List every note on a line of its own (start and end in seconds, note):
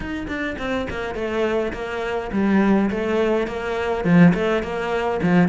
0.00 0.26 D#4
0.27 0.56 D4
0.58 0.87 C4
0.89 1.14 A#3
1.14 1.72 A3
1.73 2.30 A#3
2.32 2.90 G3
2.90 3.47 A3
3.47 4.04 A#3
4.04 4.33 F3
4.34 4.63 A3
4.63 5.20 A#3
5.22 5.48 F3